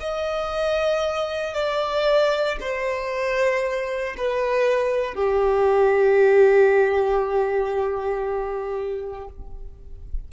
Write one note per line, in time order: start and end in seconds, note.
0.00 1.54 D#5
1.54 2.58 D5
2.61 4.16 C5
4.18 5.14 B4
5.14 9.28 G4